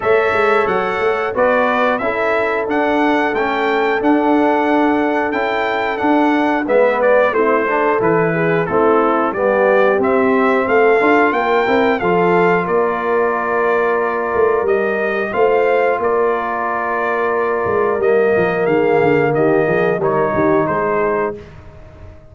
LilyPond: <<
  \new Staff \with { instrumentName = "trumpet" } { \time 4/4 \tempo 4 = 90 e''4 fis''4 d''4 e''4 | fis''4 g''4 fis''2 | g''4 fis''4 e''8 d''8 c''4 | b'4 a'4 d''4 e''4 |
f''4 g''4 f''4 d''4~ | d''2 dis''4 f''4 | d''2. dis''4 | f''4 dis''4 cis''4 c''4 | }
  \new Staff \with { instrumentName = "horn" } { \time 4/4 cis''2 b'4 a'4~ | a'1~ | a'2 b'4 e'8 a'8~ | a'8 gis'8 e'4 g'2 |
a'4 ais'4 a'4 ais'4~ | ais'2. c''4 | ais'1 | gis'4 g'8 gis'8 ais'8 g'8 gis'4 | }
  \new Staff \with { instrumentName = "trombone" } { \time 4/4 a'2 fis'4 e'4 | d'4 cis'4 d'2 | e'4 d'4 b4 c'8 d'8 | e'4 c'4 b4 c'4~ |
c'8 f'4 e'8 f'2~ | f'2 g'4 f'4~ | f'2. ais4~ | ais2 dis'2 | }
  \new Staff \with { instrumentName = "tuba" } { \time 4/4 a8 gis8 fis8 a8 b4 cis'4 | d'4 a4 d'2 | cis'4 d'4 gis4 a4 | e4 a4 g4 c'4 |
a8 d'8 ais8 c'8 f4 ais4~ | ais4. a8 g4 a4 | ais2~ ais8 gis8 g8 f8 | dis8 d8 dis8 f8 g8 dis8 gis4 | }
>>